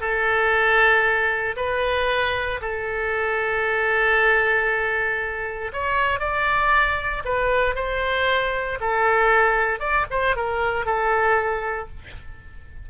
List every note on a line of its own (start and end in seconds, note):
0.00 1.55 A4
1.56 2.60 B4
2.61 5.71 A4
5.72 6.19 C#5
6.19 7.22 D5
7.24 7.75 B4
7.75 8.78 C5
8.80 9.79 A4
9.79 10.05 D5
10.10 10.36 C5
10.36 10.85 A#4
10.85 11.88 A4